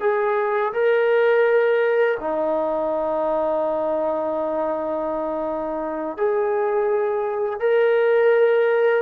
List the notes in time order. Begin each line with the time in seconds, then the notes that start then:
0.00 G#4
0.73 A#4
2.20 D#4
6.17 G#4
7.60 A#4